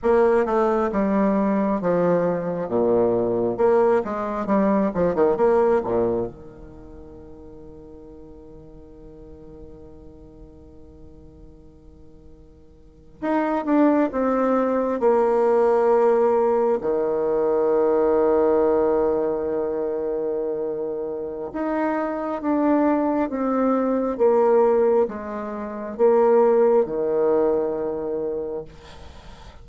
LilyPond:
\new Staff \with { instrumentName = "bassoon" } { \time 4/4 \tempo 4 = 67 ais8 a8 g4 f4 ais,4 | ais8 gis8 g8 f16 dis16 ais8 ais,8 dis4~ | dis1~ | dis2~ dis8. dis'8 d'8 c'16~ |
c'8. ais2 dis4~ dis16~ | dis1 | dis'4 d'4 c'4 ais4 | gis4 ais4 dis2 | }